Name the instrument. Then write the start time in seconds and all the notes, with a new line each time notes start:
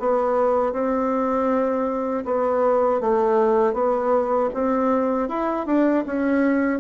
bassoon
0.00 B3
0.73 C4
2.25 B3
3.01 A3
3.74 B3
4.54 C4
5.29 E4
5.67 D4
6.07 C#4